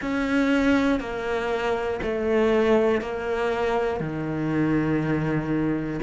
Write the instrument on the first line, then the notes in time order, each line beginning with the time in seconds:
cello
0.01 C#4
1.00 A#3
2.02 A3
3.00 A#3
4.00 D#3